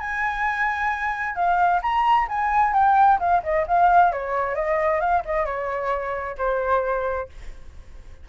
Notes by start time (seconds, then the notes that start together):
0.00 G#5
1.36 F5
1.82 A#5
2.29 G#5
2.74 G5
3.20 F5
3.44 D#5
3.68 F5
4.12 C#5
4.55 D#5
5.00 F5
5.26 D#5
5.46 C#5
6.38 C5